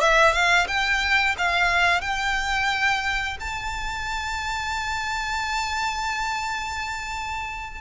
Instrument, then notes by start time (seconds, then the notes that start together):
violin
0.00 E5
0.33 F5
0.67 G5
1.38 F5
2.01 G5
3.40 A5